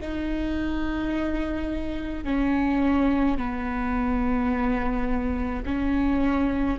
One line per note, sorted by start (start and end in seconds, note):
0.00 2.24 D#4
2.24 3.37 C#4
3.38 5.64 B3
5.66 6.79 C#4